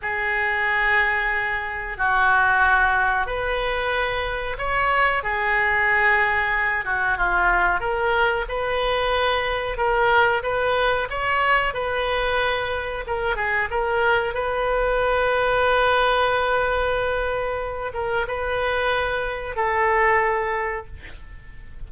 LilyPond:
\new Staff \with { instrumentName = "oboe" } { \time 4/4 \tempo 4 = 92 gis'2. fis'4~ | fis'4 b'2 cis''4 | gis'2~ gis'8 fis'8 f'4 | ais'4 b'2 ais'4 |
b'4 cis''4 b'2 | ais'8 gis'8 ais'4 b'2~ | b'2.~ b'8 ais'8 | b'2 a'2 | }